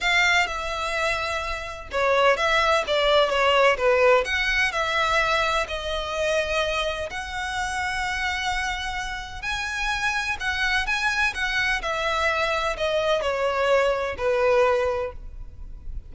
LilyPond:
\new Staff \with { instrumentName = "violin" } { \time 4/4 \tempo 4 = 127 f''4 e''2. | cis''4 e''4 d''4 cis''4 | b'4 fis''4 e''2 | dis''2. fis''4~ |
fis''1 | gis''2 fis''4 gis''4 | fis''4 e''2 dis''4 | cis''2 b'2 | }